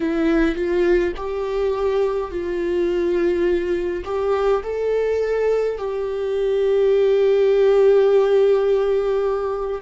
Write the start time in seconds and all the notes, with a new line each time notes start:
0.00 E4
0.55 F4
1.16 G4
2.30 F4
4.04 G4
4.63 A4
5.77 G4